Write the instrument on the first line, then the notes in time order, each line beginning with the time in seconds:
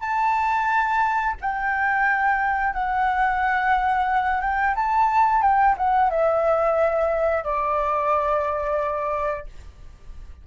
flute
0.00 A5
1.41 G5
2.73 F#5
4.41 G5
4.75 A5
5.41 G5
5.77 F#5
6.10 E5
7.43 D5